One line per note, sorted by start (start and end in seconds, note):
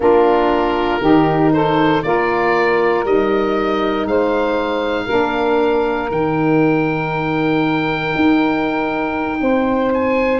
0.00 1.00 A#3
0.00 1.00 D4
0.00 1.00 F4
0.00 1.53 A#4
1.00 2.02 D#3
1.00 2.03 D#4
1.00 1.51 G4
1.53 2.04 A4
1.53 2.03 C5
2.03 3.04 A#3
2.03 3.04 F4
2.03 4.08 A#4
2.03 3.04 D5
3.04 4.05 G3
3.04 5.08 D#4
3.04 4.07 D#5
4.05 5.07 G#3
4.05 5.05 C5
4.05 6.10 F5
5.05 6.11 A#3
5.05 6.08 D4
5.05 9.37 A#4
6.08 8.14 D#3
6.08 10.40 D#4
6.08 9.92 G5
8.15 9.41 D#4
9.41 10.40 C4
9.41 10.40 C5
9.93 10.40 G#5